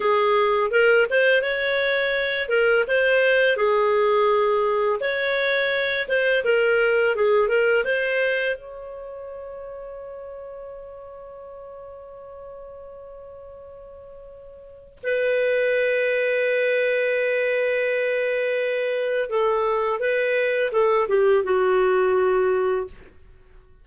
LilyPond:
\new Staff \with { instrumentName = "clarinet" } { \time 4/4 \tempo 4 = 84 gis'4 ais'8 c''8 cis''4. ais'8 | c''4 gis'2 cis''4~ | cis''8 c''8 ais'4 gis'8 ais'8 c''4 | cis''1~ |
cis''1~ | cis''4 b'2.~ | b'2. a'4 | b'4 a'8 g'8 fis'2 | }